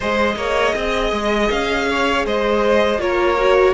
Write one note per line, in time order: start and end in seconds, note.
0.00 0.36 G#3
0.00 2.98 G#4
0.00 0.35 C5
0.00 1.50 D#5
0.36 0.73 A#3
0.36 0.74 C#5
0.75 1.12 C4
0.75 1.88 D#5
1.12 1.49 G#3
1.50 2.25 C#4
1.50 2.25 F5
1.89 2.26 C#5
2.25 2.98 G#3
2.25 3.01 C5
2.25 3.00 D#5
2.98 3.73 A#3
2.98 3.35 F4
2.98 3.73 A#4
2.98 3.73 C#5
3.38 3.73 F#4